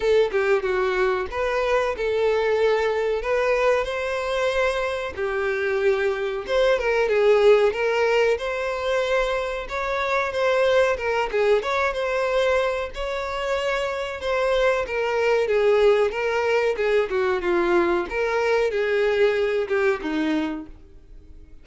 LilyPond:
\new Staff \with { instrumentName = "violin" } { \time 4/4 \tempo 4 = 93 a'8 g'8 fis'4 b'4 a'4~ | a'4 b'4 c''2 | g'2 c''8 ais'8 gis'4 | ais'4 c''2 cis''4 |
c''4 ais'8 gis'8 cis''8 c''4. | cis''2 c''4 ais'4 | gis'4 ais'4 gis'8 fis'8 f'4 | ais'4 gis'4. g'8 dis'4 | }